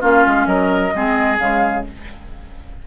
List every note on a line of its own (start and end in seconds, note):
0.00 0.26 A#3
0.00 0.93 C#4
0.00 0.46 F4
0.00 0.47 F5
0.27 0.46 G#3
0.46 0.92 F#3
0.46 0.94 A#4
0.46 1.38 D#5
0.94 1.39 G#3
0.94 1.39 C4
0.94 1.87 G#4
1.39 1.85 C#3
1.39 1.85 G#3
1.39 1.84 F5